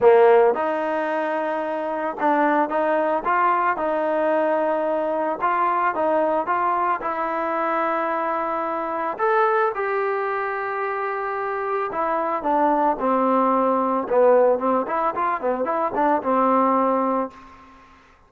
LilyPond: \new Staff \with { instrumentName = "trombone" } { \time 4/4 \tempo 4 = 111 ais4 dis'2. | d'4 dis'4 f'4 dis'4~ | dis'2 f'4 dis'4 | f'4 e'2.~ |
e'4 a'4 g'2~ | g'2 e'4 d'4 | c'2 b4 c'8 e'8 | f'8 b8 e'8 d'8 c'2 | }